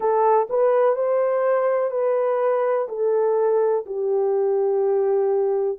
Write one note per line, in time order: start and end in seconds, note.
0.00 0.47 A4
0.49 0.95 B4
0.95 1.90 C5
1.90 2.87 B4
2.88 3.85 A4
3.85 5.78 G4